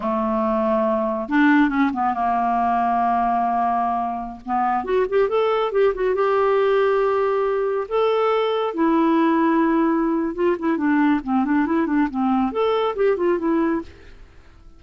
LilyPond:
\new Staff \with { instrumentName = "clarinet" } { \time 4/4 \tempo 4 = 139 a2. d'4 | cis'8 b8 ais2.~ | ais2~ ais16 b4 fis'8 g'16~ | g'16 a'4 g'8 fis'8 g'4.~ g'16~ |
g'2~ g'16 a'4.~ a'16~ | a'16 e'2.~ e'8. | f'8 e'8 d'4 c'8 d'8 e'8 d'8 | c'4 a'4 g'8 f'8 e'4 | }